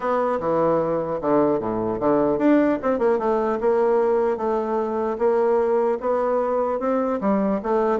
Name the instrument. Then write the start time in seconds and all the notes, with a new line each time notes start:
bassoon
0.00 B3
0.40 E3
1.21 D3
1.59 A2
2.00 D3
2.38 D4
2.82 C4
2.98 A#3
3.18 A3
3.60 A#3
4.37 A3
5.18 A#3
6.00 B3
6.79 C4
7.20 G3
7.63 A3